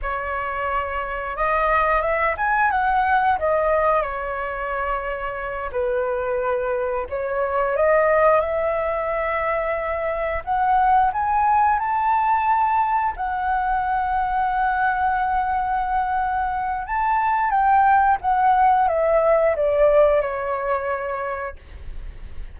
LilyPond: \new Staff \with { instrumentName = "flute" } { \time 4/4 \tempo 4 = 89 cis''2 dis''4 e''8 gis''8 | fis''4 dis''4 cis''2~ | cis''8 b'2 cis''4 dis''8~ | dis''8 e''2. fis''8~ |
fis''8 gis''4 a''2 fis''8~ | fis''1~ | fis''4 a''4 g''4 fis''4 | e''4 d''4 cis''2 | }